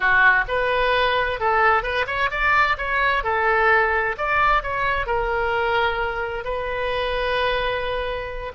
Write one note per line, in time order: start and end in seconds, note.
0.00 0.44 F#4
0.47 1.40 B4
1.40 1.82 A4
1.82 2.05 B4
2.06 2.30 C#5
2.30 2.77 D5
2.77 3.23 C#5
3.23 4.16 A4
4.17 4.63 D5
4.63 5.06 C#5
5.06 6.44 A#4
6.44 8.52 B4